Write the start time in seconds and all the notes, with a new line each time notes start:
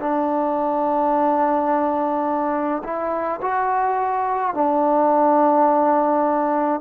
0.00 D4
2.84 E4
3.42 F#4
4.54 D4